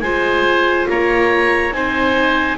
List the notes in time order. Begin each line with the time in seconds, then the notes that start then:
0.00 G#3 F4 C5 G#5
0.89 A#3 C#5 A#5
1.72 C4 D#4 C5 G#5